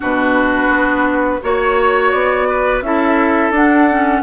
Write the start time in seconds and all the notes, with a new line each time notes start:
0.00 B2 D4 F#4 B4
0.69 B3
1.41 A#3 F#4 C#5
2.10 B3 D5
2.48 B4
2.81 C#4 E4 A4 E5
3.50 D4 F#5
3.89 C#4